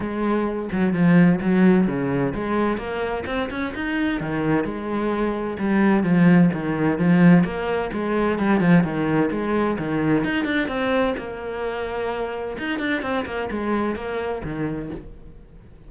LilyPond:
\new Staff \with { instrumentName = "cello" } { \time 4/4 \tempo 4 = 129 gis4. fis8 f4 fis4 | cis4 gis4 ais4 c'8 cis'8 | dis'4 dis4 gis2 | g4 f4 dis4 f4 |
ais4 gis4 g8 f8 dis4 | gis4 dis4 dis'8 d'8 c'4 | ais2. dis'8 d'8 | c'8 ais8 gis4 ais4 dis4 | }